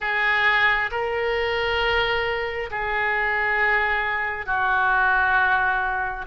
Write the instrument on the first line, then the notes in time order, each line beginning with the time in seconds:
oboe
0.00 G#4
0.91 A#4
2.71 G#4
4.45 F#4